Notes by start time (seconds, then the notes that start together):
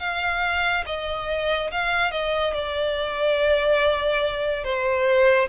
0.00 F5
0.86 D#5
1.71 F5
2.12 D#5
2.54 D5
4.64 C5